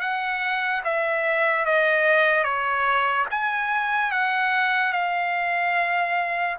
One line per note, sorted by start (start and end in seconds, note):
0.00 0.82 F#5
0.84 1.66 E5
1.66 2.44 D#5
2.44 3.26 C#5
3.31 4.11 G#5
4.11 4.92 F#5
4.92 6.57 F5